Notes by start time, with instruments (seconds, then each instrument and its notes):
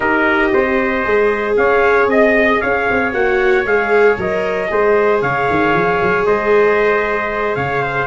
0.00 tuba D#4, viola G4, trumpet A#4 D#5
0.53 tuba C4, trumpet C5
1.04 tuba G#3, viola G#4
1.56 tuba C#4, trumpet C#5 F5
2.06 tuba C4, trumpet D#5
2.60 tuba C#4, trumpet C#5 F5
2.90 tuba C4
3.12 tuba A#3, viola F#4, trumpet F#5
3.65 tuba G#3, viola G#4, trumpet F5
4.17 tuba F#3, viola A#4, trumpet D#5
4.68 tuba G#3, viola G#4, trumpet C5
5.21 tuba C#3, trumpet C#5 F5
5.50 tuba D#3
5.73 tuba F3
6.02 tuba F#3
6.25 tuba G#3, trumpet C5 D#5
7.55 tuba C#3, trumpet C#5 F5
7.82 trumpet C5